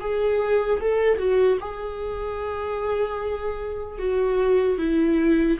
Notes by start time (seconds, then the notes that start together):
0.00 G#4
0.80 A4
1.18 F#4
1.60 G#4
3.99 F#4
4.78 E4